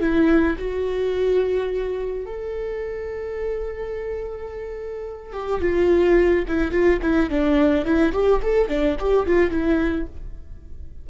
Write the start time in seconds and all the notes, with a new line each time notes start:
0.00 E4
0.58 F#4
2.25 A4
5.32 G4
5.60 F4
6.47 E4
6.71 F4
7.01 E4
7.29 D4
7.85 E4
8.12 G4
8.42 A4
8.68 D4
8.99 G4
9.26 F4
9.50 E4